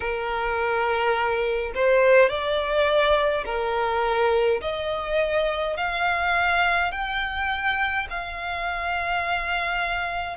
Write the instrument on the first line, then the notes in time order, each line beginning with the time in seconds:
violin
0.00 A#4
1.75 C5
2.29 D5
3.45 A#4
4.61 D#5
5.76 F5
6.91 G5
8.10 F5